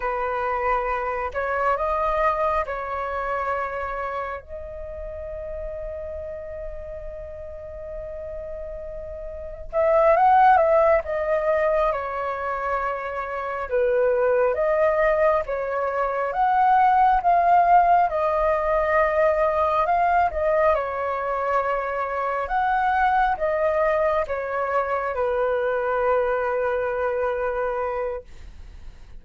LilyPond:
\new Staff \with { instrumentName = "flute" } { \time 4/4 \tempo 4 = 68 b'4. cis''8 dis''4 cis''4~ | cis''4 dis''2.~ | dis''2. e''8 fis''8 | e''8 dis''4 cis''2 b'8~ |
b'8 dis''4 cis''4 fis''4 f''8~ | f''8 dis''2 f''8 dis''8 cis''8~ | cis''4. fis''4 dis''4 cis''8~ | cis''8 b'2.~ b'8 | }